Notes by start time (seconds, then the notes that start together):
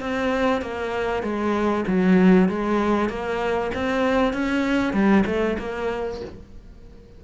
0.00 C4
0.61 A#3
1.22 G#3
1.87 F#3
2.48 G#3
3.09 A#3
3.74 C4
4.33 C#4
4.93 G3
5.26 A3
5.59 A#3